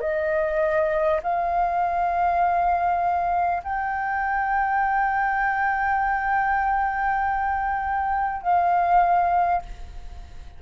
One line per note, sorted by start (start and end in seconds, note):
0.00 1.20 D#5
1.23 3.63 F5
3.63 8.42 G5
8.42 9.62 F5